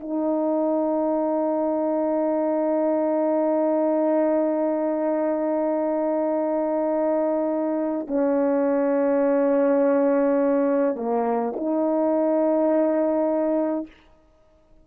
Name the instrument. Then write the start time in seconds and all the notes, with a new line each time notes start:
horn
0.00 D#4
8.07 C#4
10.96 A#3
11.56 D#4